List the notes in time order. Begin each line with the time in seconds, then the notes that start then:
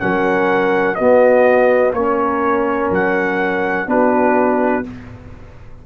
0.00 F#3 C#4 A#4 F#5
0.95 B3 F#4 D#5
1.93 A#3 C#4 A#4 C#5
2.91 F#3 F#5
3.87 B3 D4 F#4 B4